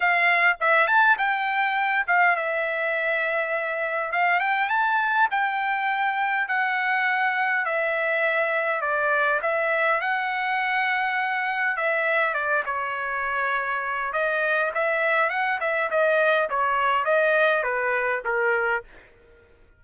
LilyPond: \new Staff \with { instrumentName = "trumpet" } { \time 4/4 \tempo 4 = 102 f''4 e''8 a''8 g''4. f''8 | e''2. f''8 g''8 | a''4 g''2 fis''4~ | fis''4 e''2 d''4 |
e''4 fis''2. | e''4 d''8 cis''2~ cis''8 | dis''4 e''4 fis''8 e''8 dis''4 | cis''4 dis''4 b'4 ais'4 | }